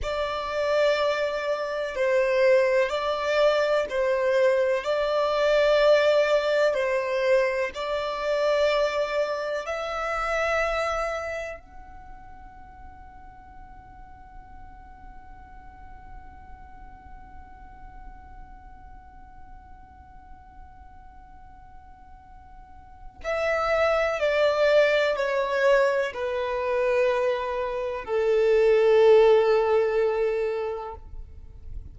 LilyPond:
\new Staff \with { instrumentName = "violin" } { \time 4/4 \tempo 4 = 62 d''2 c''4 d''4 | c''4 d''2 c''4 | d''2 e''2 | fis''1~ |
fis''1~ | fis''1 | e''4 d''4 cis''4 b'4~ | b'4 a'2. | }